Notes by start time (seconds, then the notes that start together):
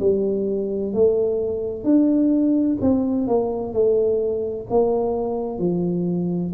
0.00 G3
0.94 A3
1.84 D4
2.81 C4
3.28 A#3
3.73 A3
4.70 A#3
5.59 F3